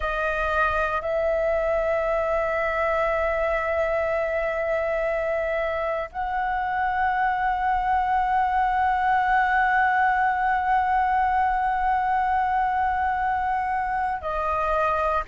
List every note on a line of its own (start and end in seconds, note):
0.00 1.01 D#5
1.01 6.09 E5
6.12 14.21 F#5
14.21 15.23 D#5